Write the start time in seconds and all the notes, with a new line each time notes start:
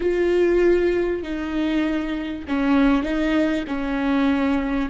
0.00 F4
1.22 D#4
2.47 C#4
3.03 D#4
3.67 C#4